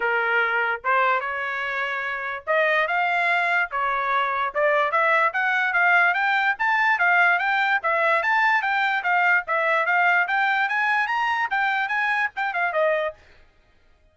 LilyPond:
\new Staff \with { instrumentName = "trumpet" } { \time 4/4 \tempo 4 = 146 ais'2 c''4 cis''4~ | cis''2 dis''4 f''4~ | f''4 cis''2 d''4 | e''4 fis''4 f''4 g''4 |
a''4 f''4 g''4 e''4 | a''4 g''4 f''4 e''4 | f''4 g''4 gis''4 ais''4 | g''4 gis''4 g''8 f''8 dis''4 | }